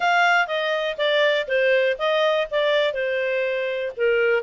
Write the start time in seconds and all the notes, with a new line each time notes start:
0.00 F5
0.47 D#5
0.97 D5
1.47 C5
1.98 D#5
2.50 D5
2.93 C5
3.96 A#4